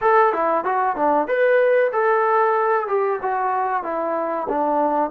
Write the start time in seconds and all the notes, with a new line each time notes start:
0.01 A4
0.32 E4
0.64 F#4
0.96 D4
1.27 B4
1.92 A4
2.87 G4
3.21 F#4
3.83 E4
4.49 D4